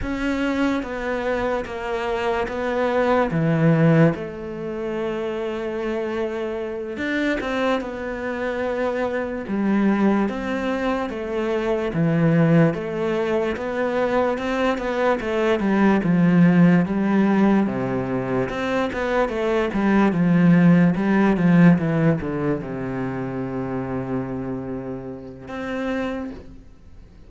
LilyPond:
\new Staff \with { instrumentName = "cello" } { \time 4/4 \tempo 4 = 73 cis'4 b4 ais4 b4 | e4 a2.~ | a8 d'8 c'8 b2 g8~ | g8 c'4 a4 e4 a8~ |
a8 b4 c'8 b8 a8 g8 f8~ | f8 g4 c4 c'8 b8 a8 | g8 f4 g8 f8 e8 d8 c8~ | c2. c'4 | }